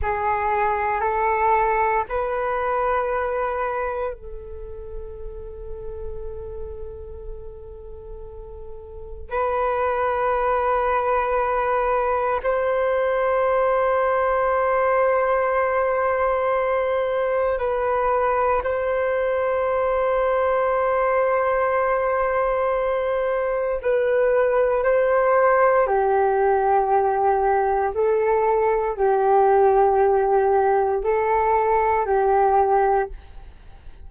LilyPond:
\new Staff \with { instrumentName = "flute" } { \time 4/4 \tempo 4 = 58 gis'4 a'4 b'2 | a'1~ | a'4 b'2. | c''1~ |
c''4 b'4 c''2~ | c''2. b'4 | c''4 g'2 a'4 | g'2 a'4 g'4 | }